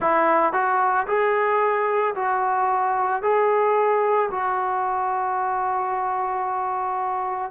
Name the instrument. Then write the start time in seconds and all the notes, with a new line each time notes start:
trombone
0.00 E4
0.53 F#4
1.07 G#4
2.15 F#4
3.22 G#4
4.31 F#4